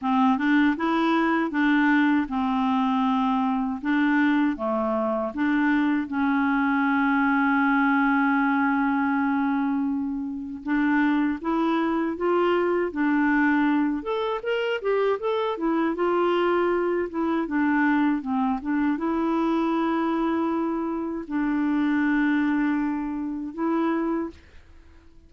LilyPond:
\new Staff \with { instrumentName = "clarinet" } { \time 4/4 \tempo 4 = 79 c'8 d'8 e'4 d'4 c'4~ | c'4 d'4 a4 d'4 | cis'1~ | cis'2 d'4 e'4 |
f'4 d'4. a'8 ais'8 g'8 | a'8 e'8 f'4. e'8 d'4 | c'8 d'8 e'2. | d'2. e'4 | }